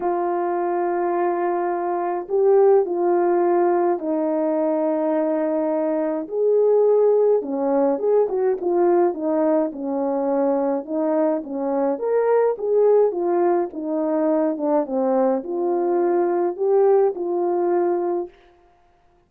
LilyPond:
\new Staff \with { instrumentName = "horn" } { \time 4/4 \tempo 4 = 105 f'1 | g'4 f'2 dis'4~ | dis'2. gis'4~ | gis'4 cis'4 gis'8 fis'8 f'4 |
dis'4 cis'2 dis'4 | cis'4 ais'4 gis'4 f'4 | dis'4. d'8 c'4 f'4~ | f'4 g'4 f'2 | }